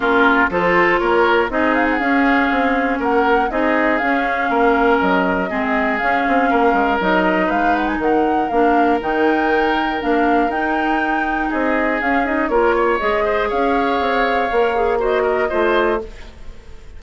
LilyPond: <<
  \new Staff \with { instrumentName = "flute" } { \time 4/4 \tempo 4 = 120 ais'4 c''4 cis''4 dis''8 f''16 fis''16 | f''2 fis''4 dis''4 | f''2 dis''2 | f''2 dis''4 f''8 fis''16 gis''16 |
fis''4 f''4 g''2 | f''4 g''2 dis''4 | f''8 dis''8 cis''4 dis''4 f''4~ | f''2 dis''2 | }
  \new Staff \with { instrumentName = "oboe" } { \time 4/4 f'4 a'4 ais'4 gis'4~ | gis'2 ais'4 gis'4~ | gis'4 ais'2 gis'4~ | gis'4 ais'2 b'4 |
ais'1~ | ais'2. gis'4~ | gis'4 ais'8 cis''4 c''8 cis''4~ | cis''2 c''8 ais'8 c''4 | }
  \new Staff \with { instrumentName = "clarinet" } { \time 4/4 cis'4 f'2 dis'4 | cis'2. dis'4 | cis'2. c'4 | cis'2 dis'2~ |
dis'4 d'4 dis'2 | d'4 dis'2. | cis'8 dis'8 f'4 gis'2~ | gis'4 ais'8 gis'8 fis'4 f'4 | }
  \new Staff \with { instrumentName = "bassoon" } { \time 4/4 ais4 f4 ais4 c'4 | cis'4 c'4 ais4 c'4 | cis'4 ais4 fis4 gis4 | cis'8 c'8 ais8 gis8 fis4 gis4 |
dis4 ais4 dis2 | ais4 dis'2 c'4 | cis'4 ais4 gis4 cis'4 | c'4 ais2 a4 | }
>>